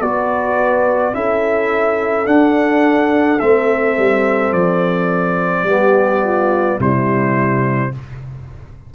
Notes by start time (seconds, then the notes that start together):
0.00 B3 F#4 B4 D5
1.14 C#4 E4 A4 E5
2.26 D4 F#5
3.40 A3 C4 E5
3.98 G3
4.52 F3 D5
5.63 G3 B3
5.70 G4
6.24 F4
6.79 C3 G3 E4 C5